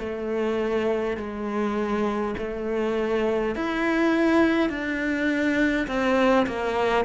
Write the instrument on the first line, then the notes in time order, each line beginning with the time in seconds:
cello
0.00 A3
1.18 G#3
2.39 A3
3.56 E4
4.70 D4
5.88 C4
6.47 A#3